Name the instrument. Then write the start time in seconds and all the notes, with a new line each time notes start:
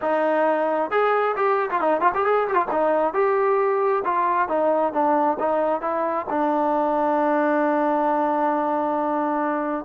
trombone
0.01 D#4
0.90 G#4
1.36 G4
1.70 F4
1.80 D#4
2.00 F4
2.14 G4
2.25 G#4
2.48 G4
2.54 F4
2.71 D#4
3.13 G4
4.04 F4
4.48 D#4
4.92 D4
5.39 D#4
5.81 E4
6.29 D4